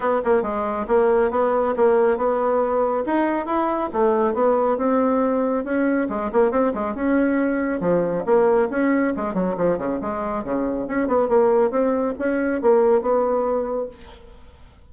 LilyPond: \new Staff \with { instrumentName = "bassoon" } { \time 4/4 \tempo 4 = 138 b8 ais8 gis4 ais4 b4 | ais4 b2 dis'4 | e'4 a4 b4 c'4~ | c'4 cis'4 gis8 ais8 c'8 gis8 |
cis'2 f4 ais4 | cis'4 gis8 fis8 f8 cis8 gis4 | cis4 cis'8 b8 ais4 c'4 | cis'4 ais4 b2 | }